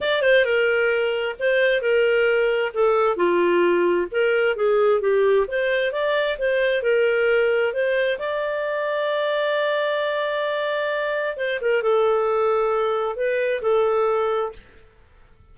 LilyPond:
\new Staff \with { instrumentName = "clarinet" } { \time 4/4 \tempo 4 = 132 d''8 c''8 ais'2 c''4 | ais'2 a'4 f'4~ | f'4 ais'4 gis'4 g'4 | c''4 d''4 c''4 ais'4~ |
ais'4 c''4 d''2~ | d''1~ | d''4 c''8 ais'8 a'2~ | a'4 b'4 a'2 | }